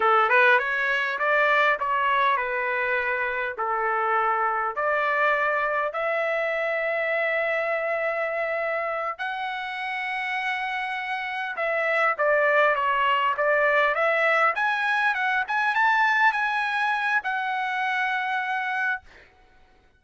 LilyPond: \new Staff \with { instrumentName = "trumpet" } { \time 4/4 \tempo 4 = 101 a'8 b'8 cis''4 d''4 cis''4 | b'2 a'2 | d''2 e''2~ | e''2.~ e''8 fis''8~ |
fis''2.~ fis''8 e''8~ | e''8 d''4 cis''4 d''4 e''8~ | e''8 gis''4 fis''8 gis''8 a''4 gis''8~ | gis''4 fis''2. | }